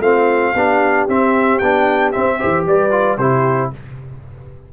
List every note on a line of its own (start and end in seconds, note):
0.00 0.53 A3
0.00 0.55 C4
0.00 0.54 F4
0.00 1.07 F5
0.54 1.07 B3
0.54 1.09 D4
0.54 2.38 G4
1.09 1.61 C4
1.09 1.62 C4
1.09 1.59 E5
1.59 2.14 B3
1.59 2.14 D4
1.59 2.12 G5
2.12 2.40 C4
2.12 2.43 C4
2.12 2.65 E5
2.38 2.66 E3
2.38 2.92 G4
2.38 2.65 C5
2.66 3.18 G3
2.66 3.20 B4
2.66 3.18 D5
2.92 3.18 F4
3.18 3.71 C3
3.18 3.73 E4
3.18 3.72 G4
3.18 3.71 C5